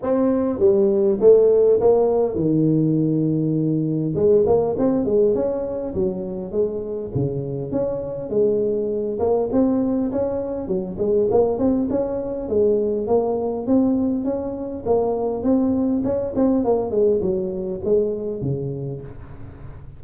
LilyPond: \new Staff \with { instrumentName = "tuba" } { \time 4/4 \tempo 4 = 101 c'4 g4 a4 ais4 | dis2. gis8 ais8 | c'8 gis8 cis'4 fis4 gis4 | cis4 cis'4 gis4. ais8 |
c'4 cis'4 fis8 gis8 ais8 c'8 | cis'4 gis4 ais4 c'4 | cis'4 ais4 c'4 cis'8 c'8 | ais8 gis8 fis4 gis4 cis4 | }